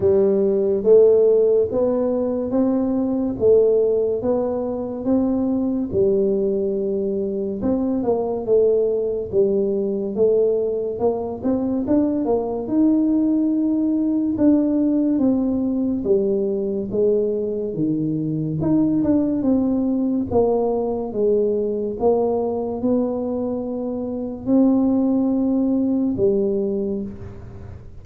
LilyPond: \new Staff \with { instrumentName = "tuba" } { \time 4/4 \tempo 4 = 71 g4 a4 b4 c'4 | a4 b4 c'4 g4~ | g4 c'8 ais8 a4 g4 | a4 ais8 c'8 d'8 ais8 dis'4~ |
dis'4 d'4 c'4 g4 | gis4 dis4 dis'8 d'8 c'4 | ais4 gis4 ais4 b4~ | b4 c'2 g4 | }